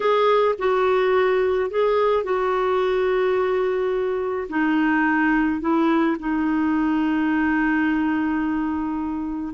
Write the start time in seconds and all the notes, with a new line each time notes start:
0.00 G#4
0.58 F#4
1.70 G#4
2.23 F#4
4.49 D#4
5.60 E4
6.19 D#4